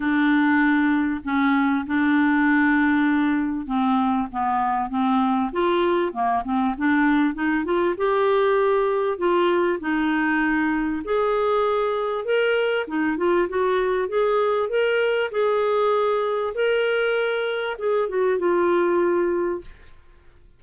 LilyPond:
\new Staff \with { instrumentName = "clarinet" } { \time 4/4 \tempo 4 = 98 d'2 cis'4 d'4~ | d'2 c'4 b4 | c'4 f'4 ais8 c'8 d'4 | dis'8 f'8 g'2 f'4 |
dis'2 gis'2 | ais'4 dis'8 f'8 fis'4 gis'4 | ais'4 gis'2 ais'4~ | ais'4 gis'8 fis'8 f'2 | }